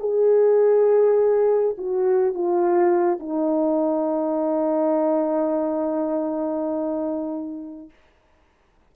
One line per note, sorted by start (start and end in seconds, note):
0.00 1.76 G#4
1.78 2.34 F#4
2.34 3.19 F4
3.19 7.90 D#4